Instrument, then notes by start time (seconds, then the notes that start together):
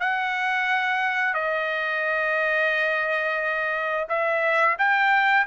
trumpet
0.00 F#5
1.34 D#5
4.09 E5
4.79 G5